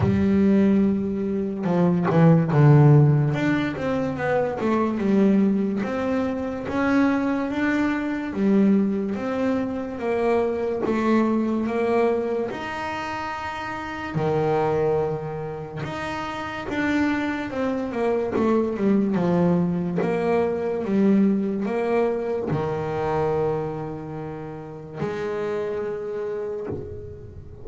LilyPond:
\new Staff \with { instrumentName = "double bass" } { \time 4/4 \tempo 4 = 72 g2 f8 e8 d4 | d'8 c'8 b8 a8 g4 c'4 | cis'4 d'4 g4 c'4 | ais4 a4 ais4 dis'4~ |
dis'4 dis2 dis'4 | d'4 c'8 ais8 a8 g8 f4 | ais4 g4 ais4 dis4~ | dis2 gis2 | }